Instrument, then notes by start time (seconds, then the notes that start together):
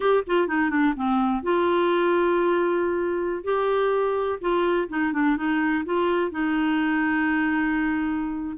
clarinet
0.00 G4
0.26 F4
0.47 D#4
0.70 D4
0.96 C4
1.42 F4
3.44 G4
4.40 F4
4.89 D#4
5.13 D4
5.37 D#4
5.85 F4
6.31 D#4